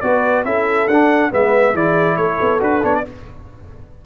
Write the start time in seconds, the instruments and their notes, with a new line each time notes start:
0.00 tuba B3, trombone F#4, horn B4, trumpet D5
0.45 tuba C#4, trombone E4, horn A4, trumpet E5
0.87 tuba D4, trombone D4, trumpet F#5
1.30 tuba G#3, trombone B3, horn B4, trumpet E5
1.74 tuba E3, trombone E4, horn G#4, trumpet D5
2.16 tuba A3, horn A4, trumpet C#5
2.41 tuba B3
2.59 tuba D4, trombone F#4, trumpet B4
2.82 tuba B3, trombone D4, trumpet C#5
2.94 trumpet D5